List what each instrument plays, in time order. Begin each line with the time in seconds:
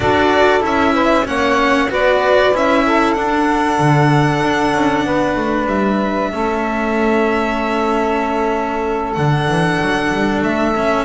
0.00 double bass D4, cello F#4, saxophone A4, violin D5
0.60 double bass C#4, cello E4, violin E5
0.93 saxophone B4
1.25 double bass A#3, cello C#4, saxophone C#5, violin F#5
1.89 double bass B3, cello F#4, saxophone B4, violin D5
2.52 double bass C#4, cello E4, violin E5
2.85 saxophone A4
3.13 double bass D4, cello D4, violin F#5
3.78 double bass D3
4.42 double bass D4
4.73 double bass C#4
5.05 double bass B3, saxophone B4
5.36 double bass A3
5.66 double bass G3, violin E5
6.32 double bass A3, cello C#4, saxophone A4
9.13 double bass D3, cello D4, violin F#5
9.47 double bass E3
9.81 double bass F#3
10.12 double bass G3
10.42 double bass A3, violin E5
10.75 cello C#4